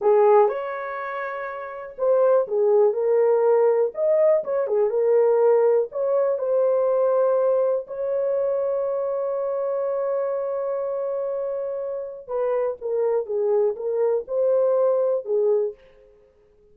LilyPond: \new Staff \with { instrumentName = "horn" } { \time 4/4 \tempo 4 = 122 gis'4 cis''2. | c''4 gis'4 ais'2 | dis''4 cis''8 gis'8 ais'2 | cis''4 c''2. |
cis''1~ | cis''1~ | cis''4 b'4 ais'4 gis'4 | ais'4 c''2 gis'4 | }